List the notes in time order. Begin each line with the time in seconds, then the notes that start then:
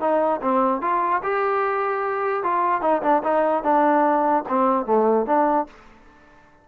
0.00 D#4
0.41 C4
0.81 F4
1.23 G4
2.43 F4
2.81 D#4
3.02 D4
3.23 D#4
3.63 D4
4.48 C4
4.85 A3
5.26 D4